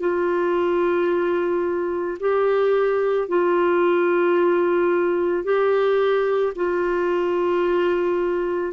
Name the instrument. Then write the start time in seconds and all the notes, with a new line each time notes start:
clarinet
0.00 F4
2.20 G4
3.29 F4
5.44 G4
6.56 F4